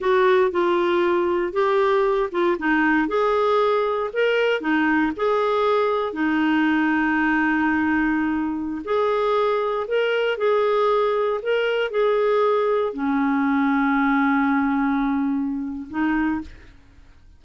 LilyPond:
\new Staff \with { instrumentName = "clarinet" } { \time 4/4 \tempo 4 = 117 fis'4 f'2 g'4~ | g'8 f'8 dis'4 gis'2 | ais'4 dis'4 gis'2 | dis'1~ |
dis'4~ dis'16 gis'2 ais'8.~ | ais'16 gis'2 ais'4 gis'8.~ | gis'4~ gis'16 cis'2~ cis'8.~ | cis'2. dis'4 | }